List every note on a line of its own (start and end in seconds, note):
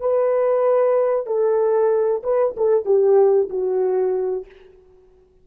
0.00 1.26 B4
1.26 2.22 A4
2.23 2.55 B4
2.57 2.85 A4
2.85 3.49 G4
3.50 4.46 F#4